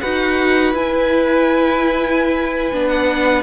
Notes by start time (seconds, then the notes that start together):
0.00 D#4 F#4 B4 F#5
0.72 E4 G#5
2.72 B3 D4
2.88 F#5